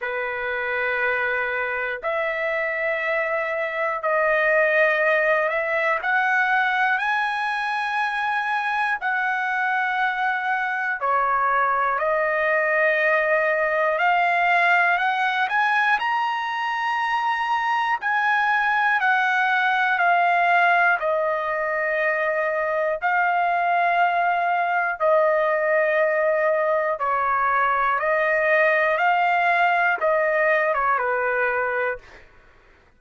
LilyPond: \new Staff \with { instrumentName = "trumpet" } { \time 4/4 \tempo 4 = 60 b'2 e''2 | dis''4. e''8 fis''4 gis''4~ | gis''4 fis''2 cis''4 | dis''2 f''4 fis''8 gis''8 |
ais''2 gis''4 fis''4 | f''4 dis''2 f''4~ | f''4 dis''2 cis''4 | dis''4 f''4 dis''8. cis''16 b'4 | }